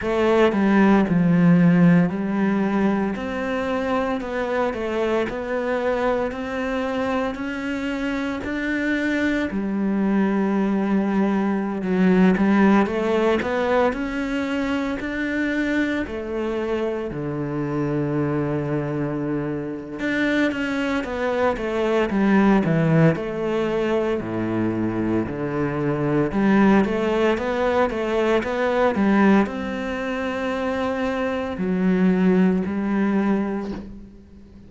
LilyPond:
\new Staff \with { instrumentName = "cello" } { \time 4/4 \tempo 4 = 57 a8 g8 f4 g4 c'4 | b8 a8 b4 c'4 cis'4 | d'4 g2~ g16 fis8 g16~ | g16 a8 b8 cis'4 d'4 a8.~ |
a16 d2~ d8. d'8 cis'8 | b8 a8 g8 e8 a4 a,4 | d4 g8 a8 b8 a8 b8 g8 | c'2 fis4 g4 | }